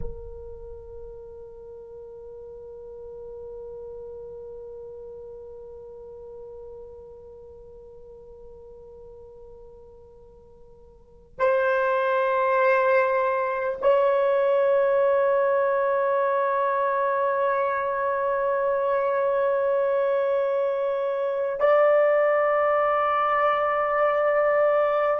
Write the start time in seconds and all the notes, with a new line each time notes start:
0.00 A#4
11.38 C5
13.81 C#5
21.60 D5